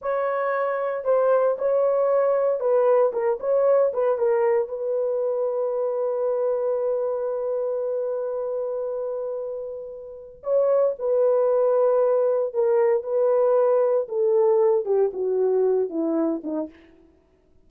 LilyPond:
\new Staff \with { instrumentName = "horn" } { \time 4/4 \tempo 4 = 115 cis''2 c''4 cis''4~ | cis''4 b'4 ais'8 cis''4 b'8 | ais'4 b'2.~ | b'1~ |
b'1 | cis''4 b'2. | ais'4 b'2 a'4~ | a'8 g'8 fis'4. e'4 dis'8 | }